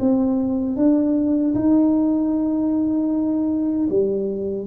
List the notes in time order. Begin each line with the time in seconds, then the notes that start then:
0.00 C4
0.77 D4
1.55 D#4
3.90 G3